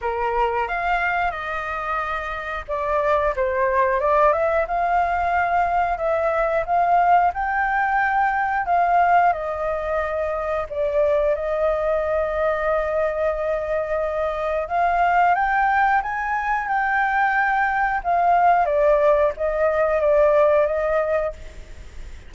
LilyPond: \new Staff \with { instrumentName = "flute" } { \time 4/4 \tempo 4 = 90 ais'4 f''4 dis''2 | d''4 c''4 d''8 e''8 f''4~ | f''4 e''4 f''4 g''4~ | g''4 f''4 dis''2 |
d''4 dis''2.~ | dis''2 f''4 g''4 | gis''4 g''2 f''4 | d''4 dis''4 d''4 dis''4 | }